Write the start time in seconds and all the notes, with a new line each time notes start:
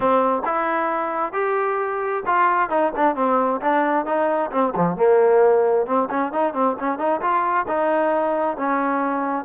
0.00 C4
0.45 E4
1.32 G4
2.26 F4
2.69 D#4
2.95 D4
3.15 C4
3.61 D4
4.05 D#4
4.51 C4
4.75 F3
4.96 A#3
5.86 C4
6.10 C#4
6.32 D#4
6.53 C4
6.79 C#4
6.98 D#4
7.21 F4
7.67 D#4
8.57 C#4